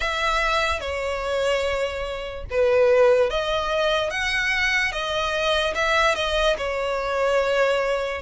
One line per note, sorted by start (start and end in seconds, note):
0.00 0.80 E5
0.80 2.44 C#5
2.50 3.30 B4
3.30 4.10 D#5
4.10 4.91 F#5
4.91 5.73 D#5
5.75 6.15 E5
6.15 6.56 D#5
6.57 8.21 C#5